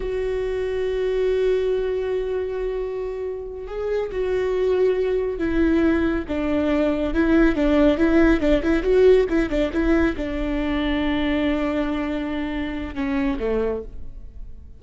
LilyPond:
\new Staff \with { instrumentName = "viola" } { \time 4/4 \tempo 4 = 139 fis'1~ | fis'1~ | fis'8 gis'4 fis'2~ fis'8~ | fis'8 e'2 d'4.~ |
d'8 e'4 d'4 e'4 d'8 | e'8 fis'4 e'8 d'8 e'4 d'8~ | d'1~ | d'2 cis'4 a4 | }